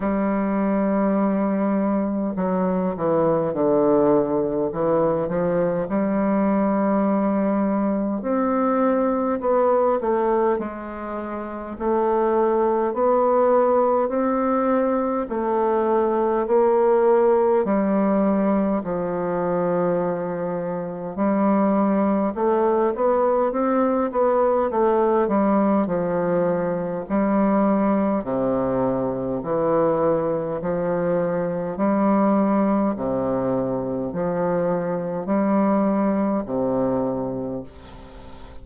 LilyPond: \new Staff \with { instrumentName = "bassoon" } { \time 4/4 \tempo 4 = 51 g2 fis8 e8 d4 | e8 f8 g2 c'4 | b8 a8 gis4 a4 b4 | c'4 a4 ais4 g4 |
f2 g4 a8 b8 | c'8 b8 a8 g8 f4 g4 | c4 e4 f4 g4 | c4 f4 g4 c4 | }